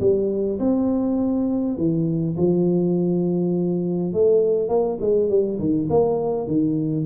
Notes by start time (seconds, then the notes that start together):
0.00 G3
0.60 C4
1.77 E3
2.37 F3
4.13 A3
4.69 A#3
5.01 G#3
5.29 G3
5.59 D#3
5.90 A#3
6.47 D#3